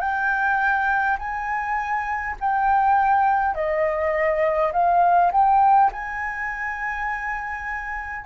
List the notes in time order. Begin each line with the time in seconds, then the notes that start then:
0.00 G5
1.19 G#5
2.41 G5
3.55 D#5
4.73 F5
5.32 G5
5.92 G#5